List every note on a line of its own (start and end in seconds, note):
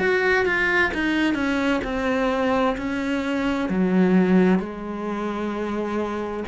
0.00 0.46 F#4
0.46 0.92 F4
0.95 1.35 D#4
1.35 1.81 C#4
1.85 2.77 C4
2.77 3.70 C#4
3.70 4.59 F#3
4.59 6.44 G#3